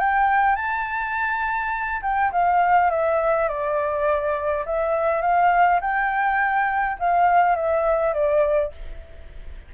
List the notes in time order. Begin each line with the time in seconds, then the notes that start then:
0.00 G5
0.56 A5
2.03 G5
2.33 F5
2.91 E5
3.49 D5
4.66 E5
5.22 F5
5.81 G5
7.00 F5
7.56 E5
8.14 D5